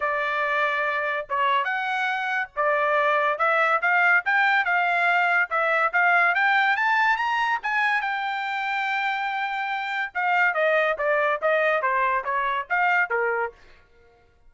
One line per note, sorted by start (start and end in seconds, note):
0.00 1.27 D5
1.29 1.64 C#5
1.64 2.49 F#5
2.55 3.38 D5
3.38 3.80 E5
3.81 4.23 F5
4.25 4.64 G5
4.64 5.49 F5
5.50 5.92 E5
5.92 6.34 F5
6.34 6.76 G5
6.76 7.16 A5
7.16 7.58 A#5
7.62 8.01 G#5
8.01 10.12 G5
10.14 10.54 F5
10.54 10.96 D#5
10.98 11.40 D5
11.41 11.82 D#5
11.82 12.24 C5
12.24 12.66 C#5
12.69 13.10 F5
13.10 13.52 A#4